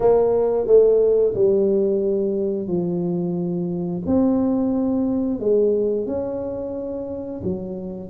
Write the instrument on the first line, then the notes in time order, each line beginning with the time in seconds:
tuba
0.00 A#3
0.66 A3
1.34 G3
2.67 F3
4.06 C4
5.39 G#3
6.06 C#4
7.43 F#3